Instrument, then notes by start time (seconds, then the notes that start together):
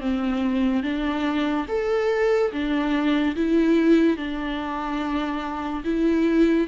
viola
0.00 C4
0.83 D4
1.68 A4
2.52 D4
3.36 E4
4.17 D4
5.84 E4